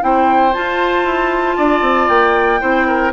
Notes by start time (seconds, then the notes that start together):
0.00 C4 E4 C5 G5
0.53 F4 A5
1.04 E4
1.57 D4 D5
1.81 C4
2.08 A#3 G5
2.60 C4 E4 C5
2.87 A#4